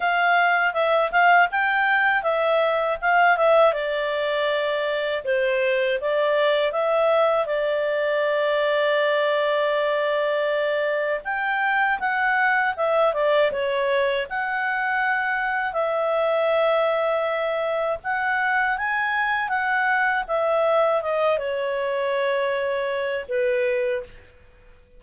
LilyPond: \new Staff \with { instrumentName = "clarinet" } { \time 4/4 \tempo 4 = 80 f''4 e''8 f''8 g''4 e''4 | f''8 e''8 d''2 c''4 | d''4 e''4 d''2~ | d''2. g''4 |
fis''4 e''8 d''8 cis''4 fis''4~ | fis''4 e''2. | fis''4 gis''4 fis''4 e''4 | dis''8 cis''2~ cis''8 b'4 | }